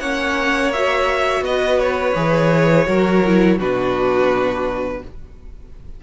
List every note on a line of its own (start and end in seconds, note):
0.00 1.41 A#3
0.00 0.73 C#4
0.00 1.43 C#5
0.00 0.71 F#5
0.72 2.15 F#4
0.72 1.43 E5
1.41 2.12 B3
1.41 2.87 B4
1.41 1.79 D#5
1.79 3.58 C#5
2.15 2.87 E3
2.15 2.86 G#4
2.86 3.59 F#3
2.86 3.21 F#4
2.86 3.58 A#4
3.26 3.59 E4
3.58 5.02 B2
3.58 5.02 D4
3.58 5.01 F#4
3.58 5.03 B4